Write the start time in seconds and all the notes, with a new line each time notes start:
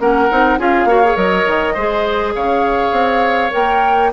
0.00 A#3 C#4 A#4 F#5
0.31 C4 D#4
0.59 C#4 F4 G#4 F5
0.85 A#3 F#4 C#5
1.05 G#4
1.16 F#3 A#4 D#5
1.47 D#3
1.75 G#3 G#4 C5
2.35 C#3 C#5 F5
2.92 C4
3.51 A#3 A#4 G5